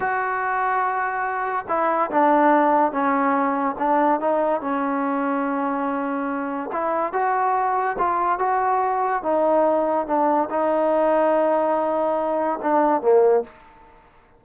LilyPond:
\new Staff \with { instrumentName = "trombone" } { \time 4/4 \tempo 4 = 143 fis'1 | e'4 d'2 cis'4~ | cis'4 d'4 dis'4 cis'4~ | cis'1 |
e'4 fis'2 f'4 | fis'2 dis'2 | d'4 dis'2.~ | dis'2 d'4 ais4 | }